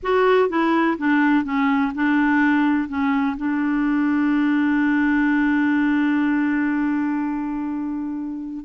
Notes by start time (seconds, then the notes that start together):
0.02 F#4
0.49 E4
0.97 D4
1.44 C#4
1.94 D4
2.88 C#4
3.37 D4